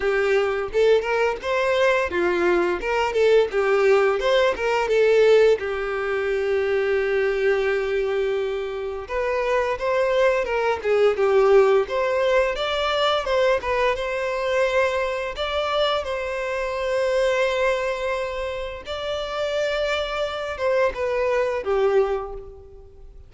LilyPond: \new Staff \with { instrumentName = "violin" } { \time 4/4 \tempo 4 = 86 g'4 a'8 ais'8 c''4 f'4 | ais'8 a'8 g'4 c''8 ais'8 a'4 | g'1~ | g'4 b'4 c''4 ais'8 gis'8 |
g'4 c''4 d''4 c''8 b'8 | c''2 d''4 c''4~ | c''2. d''4~ | d''4. c''8 b'4 g'4 | }